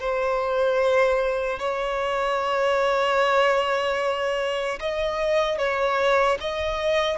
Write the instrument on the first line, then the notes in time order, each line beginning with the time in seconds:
violin
0.00 C5
1.60 C#5
4.81 D#5
5.59 C#5
6.41 D#5